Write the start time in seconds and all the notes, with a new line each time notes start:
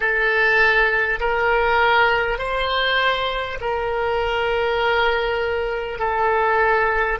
0.00 A4
1.19 A#4
2.38 C5
3.61 A#4
5.98 A4